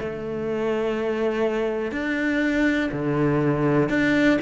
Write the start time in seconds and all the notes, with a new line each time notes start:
0.00 A3
1.91 D4
2.92 D3
3.89 D4